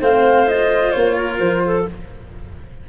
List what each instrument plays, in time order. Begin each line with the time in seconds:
0.00 tuba A3, cello C4, clarinet C5, flute F5
0.47 cello F4, flute D#5
0.92 tuba A#3, flute C#5
1.16 clarinet A#4
1.40 tuba F3, flute C5
1.66 clarinet A4